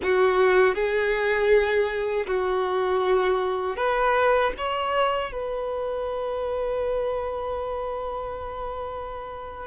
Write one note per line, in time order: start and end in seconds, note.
0.02 0.74 F#4
0.74 2.26 G#4
2.26 3.76 F#4
3.76 4.52 B4
4.57 5.32 C#5
5.32 9.67 B4